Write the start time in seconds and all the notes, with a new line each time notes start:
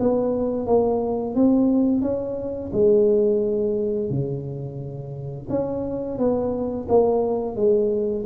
0.00 B3
0.67 A#3
1.35 C4
2.02 C#4
2.73 G#3
4.10 C#3
5.50 C#4
6.18 B3
6.89 A#3
7.56 G#3